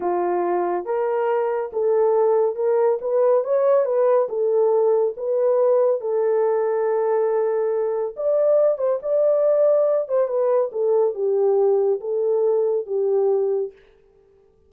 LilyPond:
\new Staff \with { instrumentName = "horn" } { \time 4/4 \tempo 4 = 140 f'2 ais'2 | a'2 ais'4 b'4 | cis''4 b'4 a'2 | b'2 a'2~ |
a'2. d''4~ | d''8 c''8 d''2~ d''8 c''8 | b'4 a'4 g'2 | a'2 g'2 | }